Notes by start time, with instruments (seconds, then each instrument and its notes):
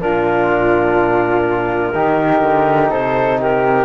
0.00 cello A#2, trombone D4, flute F4, clarinet A#4
1.93 cello D#3, trombone D#4, flute G4
2.42 cello D3
2.91 cello C3, flute A4, clarinet C5
3.40 flute G4, clarinet A#4